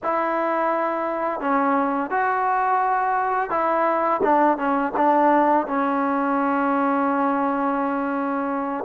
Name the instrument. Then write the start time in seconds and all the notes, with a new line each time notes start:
trombone
0.03 E4
1.40 C#4
2.10 F#4
3.50 E4
4.23 D4
4.57 C#4
4.96 D4
5.67 C#4